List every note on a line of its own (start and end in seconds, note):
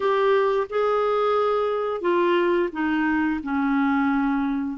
0.00 0.67 G4
0.69 2.01 G#4
2.01 2.69 F4
2.72 3.40 D#4
3.43 4.78 C#4